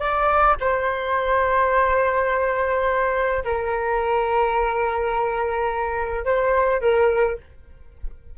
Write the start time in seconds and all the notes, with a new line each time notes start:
0.00 D5
0.61 C5
3.45 A#4
6.25 C5
6.82 A#4